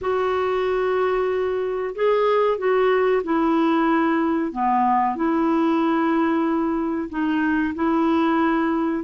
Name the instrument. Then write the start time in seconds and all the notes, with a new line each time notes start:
clarinet
0.01 F#4
1.95 G#4
2.57 F#4
3.23 E4
4.52 B3
5.15 E4
7.09 D#4
7.74 E4